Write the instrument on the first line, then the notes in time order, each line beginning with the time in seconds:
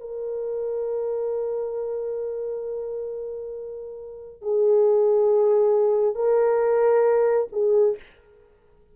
horn
0.00 A#4
4.42 G#4
6.15 A#4
7.52 G#4